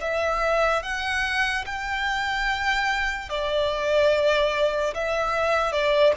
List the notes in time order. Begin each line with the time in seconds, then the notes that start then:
0.00 E5
0.82 F#5
1.66 G5
3.29 D5
4.94 E5
5.72 D5